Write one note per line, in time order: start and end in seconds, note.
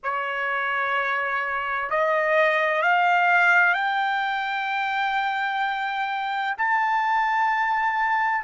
0.03 1.90 C#5
1.90 2.81 D#5
2.81 3.73 F5
3.73 6.55 G5
6.57 8.44 A5